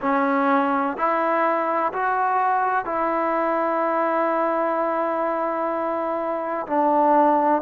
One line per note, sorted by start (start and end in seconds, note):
0.01 0.97 C#4
0.97 1.92 E4
1.93 2.85 F#4
2.85 6.66 E4
6.66 7.61 D4